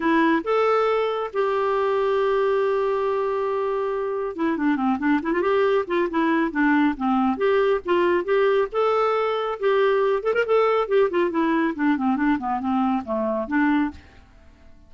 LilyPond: \new Staff \with { instrumentName = "clarinet" } { \time 4/4 \tempo 4 = 138 e'4 a'2 g'4~ | g'1~ | g'2 e'8 d'8 c'8 d'8 | e'16 f'16 g'4 f'8 e'4 d'4 |
c'4 g'4 f'4 g'4 | a'2 g'4. a'16 ais'16 | a'4 g'8 f'8 e'4 d'8 c'8 | d'8 b8 c'4 a4 d'4 | }